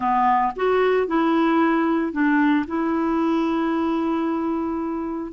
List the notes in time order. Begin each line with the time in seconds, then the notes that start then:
0.00 B3
0.56 F#4
1.07 E4
2.12 D4
2.67 E4